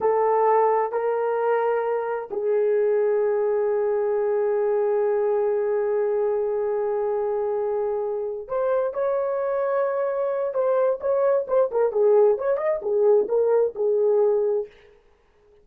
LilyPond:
\new Staff \with { instrumentName = "horn" } { \time 4/4 \tempo 4 = 131 a'2 ais'2~ | ais'4 gis'2.~ | gis'1~ | gis'1~ |
gis'2~ gis'8 c''4 cis''8~ | cis''2. c''4 | cis''4 c''8 ais'8 gis'4 cis''8 dis''8 | gis'4 ais'4 gis'2 | }